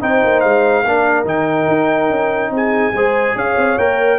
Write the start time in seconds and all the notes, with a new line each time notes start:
0.00 C4 D#4 C5 G5
0.24 A#3
0.40 G#3 F5
0.85 A#3 D4 A#4
1.25 D#3 D#4 G5
1.68 D#4
2.10 C#4
2.50 C4 G#4 G#5
2.93 G#3 G#4 C5
3.35 C#4 C#5 F5
3.56 C4
3.78 A#3 A#4 G5